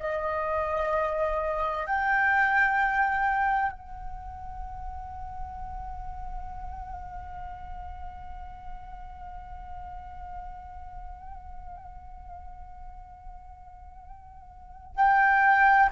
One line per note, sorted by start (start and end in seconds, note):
0.00 1.87 D#5
1.87 3.72 G5
3.72 14.96 F#5
14.96 15.90 G5